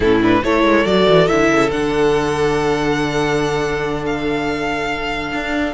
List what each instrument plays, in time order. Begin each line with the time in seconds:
0.00 cello A2, viola C#4, violin E4 A4
0.21 viola D4, violin B4
0.43 cello A3, viola E4, violin A4 C#5
0.63 cello G#3
0.85 cello F#3, viola F#4, violin D5
1.08 cello E3
1.27 cello D3, viola E4, violin E5
1.52 cello C#3
1.71 cello D3, viola D4, violin F#5
4.05 violin F5
5.32 cello D4